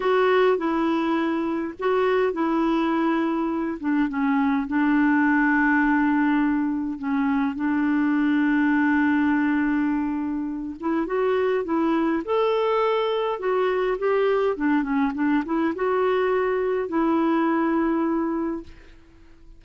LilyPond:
\new Staff \with { instrumentName = "clarinet" } { \time 4/4 \tempo 4 = 103 fis'4 e'2 fis'4 | e'2~ e'8 d'8 cis'4 | d'1 | cis'4 d'2.~ |
d'2~ d'8 e'8 fis'4 | e'4 a'2 fis'4 | g'4 d'8 cis'8 d'8 e'8 fis'4~ | fis'4 e'2. | }